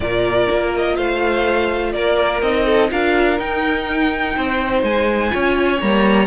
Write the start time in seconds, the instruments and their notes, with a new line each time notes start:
0.00 cello A#2, viola F4, violin A#4 D5
0.50 cello A#3
0.76 violin D#5
0.95 cello A3, violin C5 F5
1.92 cello A#3, violin A#4 D5
2.41 cello C4, viola D#4, violin D#5
2.65 violin A4
2.91 cello D4, viola F4, violin A#4 F5
3.38 viola D#4, cello D#4, violin G5
4.36 cello C4, violin C5
4.82 cello G#3, violin G#5
5.30 cello C#4, viola F4, violin C#5
5.79 cello G3, viola A#3, violin A#5